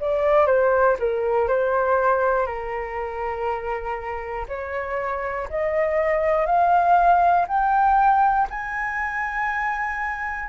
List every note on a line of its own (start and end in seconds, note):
0.00 0.46 D5
0.46 0.96 C5
1.00 1.48 A#4
1.48 2.47 C5
2.47 4.47 A#4
4.49 5.49 C#5
5.50 6.46 D#5
6.46 7.46 F5
7.48 8.48 G5
8.50 10.49 G#5